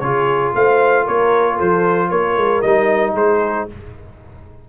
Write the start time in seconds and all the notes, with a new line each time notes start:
0.00 C#3 F4 G#4 C#5
0.55 A3 C5 F5
1.04 A#3 A#4 C#5
1.57 F3 A4 C5
2.10 A#3 A#4 C#5
2.37 G#3
2.62 G3 D#4 D#5
3.15 G#3 G#4 C5